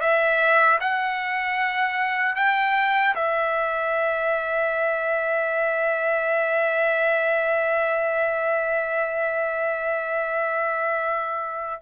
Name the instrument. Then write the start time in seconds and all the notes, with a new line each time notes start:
trumpet
0.00 E5
0.80 F#5
2.36 G5
3.15 E5